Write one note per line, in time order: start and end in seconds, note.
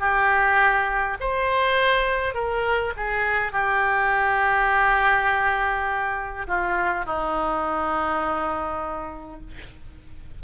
0.00 1.18 G4
1.20 2.34 C5
2.34 2.93 A#4
2.97 3.52 G#4
3.52 6.47 G4
6.48 7.05 F4
7.05 9.41 D#4